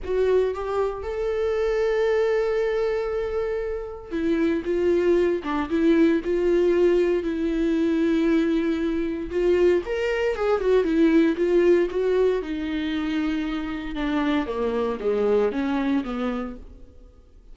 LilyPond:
\new Staff \with { instrumentName = "viola" } { \time 4/4 \tempo 4 = 116 fis'4 g'4 a'2~ | a'1 | e'4 f'4. d'8 e'4 | f'2 e'2~ |
e'2 f'4 ais'4 | gis'8 fis'8 e'4 f'4 fis'4 | dis'2. d'4 | ais4 gis4 cis'4 b4 | }